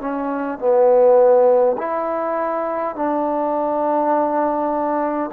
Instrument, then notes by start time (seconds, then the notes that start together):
trombone
0.00 C#4
0.58 B3
1.78 E4
2.95 D4